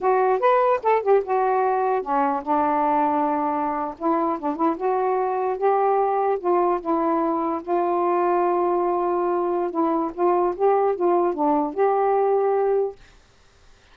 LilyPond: \new Staff \with { instrumentName = "saxophone" } { \time 4/4 \tempo 4 = 148 fis'4 b'4 a'8 g'8 fis'4~ | fis'4 cis'4 d'2~ | d'4.~ d'16 e'4 d'8 e'8 fis'16~ | fis'4.~ fis'16 g'2 f'16~ |
f'8. e'2 f'4~ f'16~ | f'1 | e'4 f'4 g'4 f'4 | d'4 g'2. | }